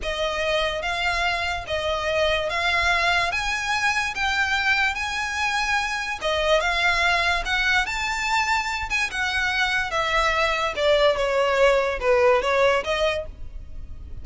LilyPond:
\new Staff \with { instrumentName = "violin" } { \time 4/4 \tempo 4 = 145 dis''2 f''2 | dis''2 f''2 | gis''2 g''2 | gis''2. dis''4 |
f''2 fis''4 a''4~ | a''4. gis''8 fis''2 | e''2 d''4 cis''4~ | cis''4 b'4 cis''4 dis''4 | }